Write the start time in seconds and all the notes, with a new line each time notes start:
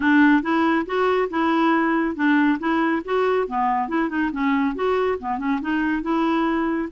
0.00 D4
0.42 E4
0.85 F#4
1.29 E4
2.15 D4
2.59 E4
3.04 F#4
3.47 B3
3.88 E4
4.09 D#4
4.31 C#4
4.75 F#4
5.19 B3
5.38 C#4
5.61 D#4
6.02 E4